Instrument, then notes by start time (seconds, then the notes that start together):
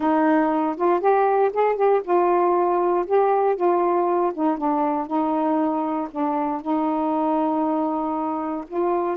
saxophone
0.00 D#4
0.77 F4
1.00 G4
1.53 G#4
1.75 G4
2.04 F4
3.06 G4
3.56 F4
4.34 D#4
4.57 D4
5.06 D#4
6.10 D4
6.61 D#4
8.67 F4